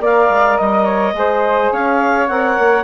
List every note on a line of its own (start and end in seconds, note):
0.00 0.28 A#3
0.00 1.13 A#4
0.00 0.58 D5
0.00 0.58 F5
0.29 0.57 G#3
0.58 1.13 G3
0.58 0.85 D#5
0.58 1.72 D#5
0.85 1.13 C#5
1.13 1.70 G#3
1.13 2.26 G#4
1.13 1.73 C5
1.72 2.29 C#4
1.72 2.83 C#5
1.72 2.28 F5
2.28 2.57 C4
2.28 2.83 A#4
2.28 2.83 F#5
2.58 2.83 A#3